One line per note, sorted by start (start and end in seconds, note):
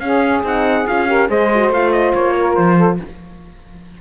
0.00 0.43 C#4
0.00 0.44 C#4
0.00 1.09 G#4
0.00 0.43 F5
0.44 0.86 C4
0.44 0.87 D#4
0.44 0.88 F#5
0.87 1.30 C#4
0.87 1.08 F4
0.87 1.30 F5
1.08 1.29 G4
1.08 1.30 A#4
1.29 1.70 G#3
1.29 1.50 G#4
1.29 2.36 C5
1.29 1.73 D#5
1.55 1.74 F#4
1.70 2.12 A3
1.70 3.01 F4
1.70 1.93 F5
1.93 2.14 D#5
2.15 2.58 A#3
2.15 2.56 C#5
2.38 2.78 A#4
2.56 3.00 F3
2.56 2.98 C5
2.78 2.99 A4